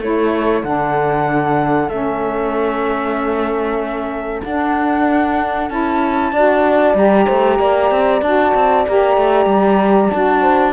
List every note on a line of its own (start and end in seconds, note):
0.00 0.63 A3
0.00 0.64 E4
0.00 6.32 A4
0.00 0.64 C#5
0.64 1.89 D3
0.64 1.90 D4
0.64 1.89 F#5
1.89 4.41 A3
1.89 4.43 C#4
1.89 4.42 E5
4.44 5.70 D4
4.44 5.69 F#5
5.69 6.32 C#4
5.69 6.33 E4
5.69 6.95 A5
6.32 6.95 D4
6.32 6.95 F#4
6.32 7.26 D5
6.95 7.26 G3
6.95 8.22 G4
6.95 8.22 A#5
7.26 7.59 A3
7.26 7.58 C5
7.59 7.91 A#3
7.59 10.42 D5
7.91 8.22 C4
8.22 8.53 D4
8.22 8.87 F#4
8.22 8.86 A5
8.54 8.86 C4
8.87 9.17 A#3
8.87 10.12 G4
8.87 10.10 A#5
9.17 9.46 A3
9.46 10.09 G3
10.10 10.73 D4
10.10 10.73 F#4
10.10 10.73 A5
10.42 10.73 C5